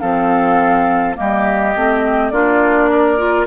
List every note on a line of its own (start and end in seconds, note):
0.00 1.18 F3
0.00 1.15 C4
0.00 1.17 A4
0.00 1.15 F5
1.15 1.76 G3
1.15 1.73 A#3
1.15 2.33 G4
1.15 2.31 D#5
1.76 2.32 A3
1.76 2.33 C4
2.31 3.47 A#3
2.31 3.18 D4
2.31 2.91 F4
2.31 3.46 D5
2.91 3.47 A#4
3.18 3.47 F4